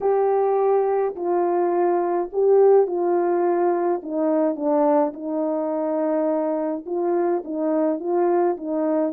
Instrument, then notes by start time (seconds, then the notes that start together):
horn
0.00 G4
1.15 F4
2.32 G4
2.86 F4
4.02 D#4
4.55 D4
5.13 D#4
6.86 F4
7.44 D#4
7.99 F4
8.57 D#4